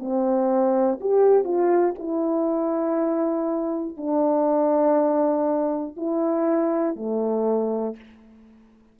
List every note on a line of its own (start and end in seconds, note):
0.00 1.00 C4
1.01 1.45 G4
1.45 1.95 F4
1.99 3.98 E4
3.98 5.97 D4
5.97 6.96 E4
6.96 7.96 A3